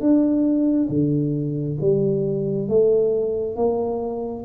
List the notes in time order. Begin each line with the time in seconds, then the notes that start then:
0.00 D4
0.89 D3
1.80 G3
2.68 A3
3.56 A#3